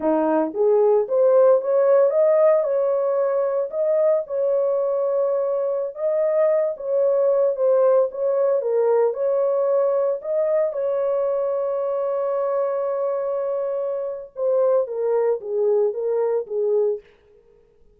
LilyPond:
\new Staff \with { instrumentName = "horn" } { \time 4/4 \tempo 4 = 113 dis'4 gis'4 c''4 cis''4 | dis''4 cis''2 dis''4 | cis''2.~ cis''16 dis''8.~ | dis''8. cis''4. c''4 cis''8.~ |
cis''16 ais'4 cis''2 dis''8.~ | dis''16 cis''2.~ cis''8.~ | cis''2. c''4 | ais'4 gis'4 ais'4 gis'4 | }